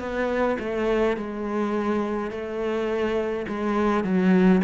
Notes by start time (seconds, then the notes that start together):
0.00 B3
0.59 A3
1.17 G#3
2.31 A3
3.48 G#3
4.04 F#3